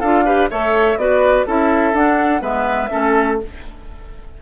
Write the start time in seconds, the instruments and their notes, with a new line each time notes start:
0.00 bassoon D4, clarinet F4, oboe A4, flute F5
0.25 clarinet G4, oboe B4
0.50 bassoon A3, clarinet A4, oboe C#5, flute E5
0.96 bassoon B3, clarinet F#4, oboe B4, flute D5
1.46 bassoon C#4, clarinet E4, oboe A4, flute E5
1.93 bassoon D4, clarinet D4, flute F#5
2.40 bassoon G#3, clarinet B3, oboe B4, flute E5
2.90 bassoon A3, clarinet C#4, oboe A4